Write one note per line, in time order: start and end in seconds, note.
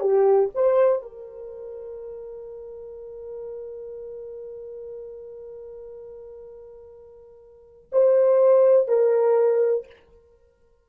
0.00 0.49 G4
0.54 1.02 C5
1.02 7.90 A#4
7.92 8.88 C5
8.88 9.86 A#4